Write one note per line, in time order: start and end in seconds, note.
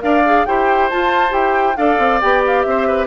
0.00 0.47 D4
0.00 0.22 A#4
0.00 0.47 D5
0.00 0.45 F5
0.26 0.47 G#4
0.45 0.91 E4
0.45 0.91 G4
0.45 1.77 C5
0.45 0.89 G5
0.90 1.30 F4
0.90 1.32 F4
0.90 1.33 A5
1.30 1.76 E4
1.30 1.74 G4
1.30 1.77 G5
1.77 1.99 D4
1.77 2.21 A4
1.77 2.66 D5
1.77 2.21 F5
1.99 2.21 C4
2.21 2.66 B3
2.21 3.07 G4
2.21 2.43 G5
2.47 2.62 F5
2.62 3.07 C4
2.62 3.06 E5
2.69 2.87 C5
2.87 3.07 B4